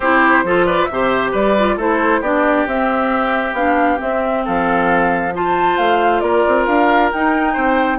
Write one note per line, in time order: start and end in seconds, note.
0.00 0.43 C4
0.00 0.45 E4
0.00 0.44 G4
0.00 0.65 C5
0.43 0.88 F3
0.43 0.90 F4
0.43 0.65 A4
0.65 0.88 B4
0.65 0.84 D5
0.84 1.33 C3
0.84 1.29 E5
0.91 1.57 G4
0.91 1.31 C5
1.31 1.76 G3
1.31 1.76 B4
1.31 1.79 D5
1.58 1.79 F4
1.76 2.20 A3
1.76 2.23 E4
1.76 2.20 A4
1.76 2.22 C5
2.20 2.65 B3
2.20 2.68 D4
2.20 4.42 G4
2.20 2.67 D5
2.67 3.52 C4
2.67 3.56 C4
2.67 3.54 E5
3.52 3.97 B3
3.52 3.97 D4
3.52 3.99 F5
3.97 5.30 C4
3.97 4.46 C4
3.97 4.44 E5
4.44 5.78 F3
4.44 5.33 A4
4.44 5.34 F5
5.34 7.12 F4
5.34 6.22 C5
5.34 5.77 A5
5.77 6.21 A3
5.77 6.20 F5
6.20 6.44 A#3
6.20 7.53 A#4
6.20 6.64 D5
6.47 6.66 C4
6.66 7.11 D4
6.66 7.10 F5
7.12 7.56 D#4
7.12 7.99 D#4
7.12 7.99 G5
7.53 7.99 C4
7.53 7.97 C5